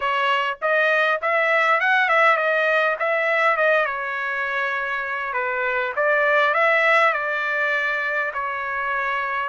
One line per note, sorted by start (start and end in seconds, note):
0.00 0.58 C#5
0.61 1.20 D#5
1.21 1.80 E5
1.80 2.08 F#5
2.08 2.37 E5
2.37 2.96 D#5
2.99 3.56 E5
3.56 3.85 D#5
3.85 5.33 C#5
5.33 5.92 B4
5.95 6.53 D5
6.53 7.13 E5
7.13 8.31 D5
8.33 9.49 C#5